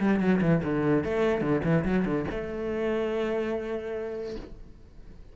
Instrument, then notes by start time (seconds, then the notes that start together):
cello
0.00 G3
0.20 F#3
0.41 E3
0.64 D3
1.04 A3
1.41 D3
1.64 E3
1.85 F#3
2.05 D3
2.31 A3